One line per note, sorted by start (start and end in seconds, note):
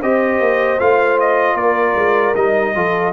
0.00 0.40 C4
0.00 0.79 G4
0.00 1.56 C5
0.00 0.79 D#5
0.40 0.79 A#3
0.79 1.55 A3
0.79 2.35 F4
0.79 1.18 F5
1.20 1.56 D#5
1.55 1.94 A#3
1.55 2.73 A#4
1.55 2.34 D5
1.95 2.34 G#3
2.35 2.74 G3
2.35 2.75 D#4
2.35 3.12 D#5
2.74 3.12 F3
2.74 3.12 F4
2.74 3.12 A4